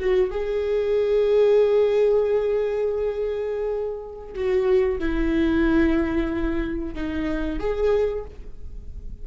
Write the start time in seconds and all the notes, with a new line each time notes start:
0.00 F#4
0.31 G#4
4.35 F#4
5.00 E4
6.95 D#4
7.60 G#4